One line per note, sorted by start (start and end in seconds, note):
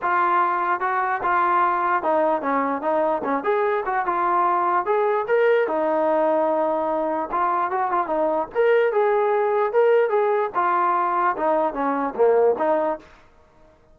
0.02 0.80 F4
0.80 1.21 F#4
1.22 2.03 F4
2.03 2.41 D#4
2.41 2.81 C#4
2.81 3.22 D#4
3.24 3.43 C#4
3.43 3.84 G#4
3.85 4.05 F#4
4.05 4.85 F4
4.85 5.26 G#4
5.27 5.67 A#4
5.67 7.29 D#4
7.31 7.70 F4
7.70 7.91 F#4
7.91 8.07 F4
8.07 8.47 D#4
8.54 8.92 A#4
8.92 9.73 G#4
9.73 10.09 A#4
10.09 10.50 G#4
10.54 11.36 F4
11.36 11.73 D#4
11.73 12.14 C#4
12.15 12.55 A#3
12.58 12.98 D#4